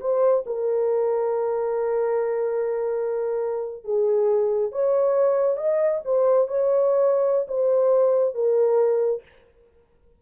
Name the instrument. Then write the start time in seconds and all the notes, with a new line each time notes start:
horn
0.00 C5
0.46 A#4
3.84 G#4
4.72 C#5
5.56 D#5
6.04 C5
6.48 C#5
7.48 C5
8.34 A#4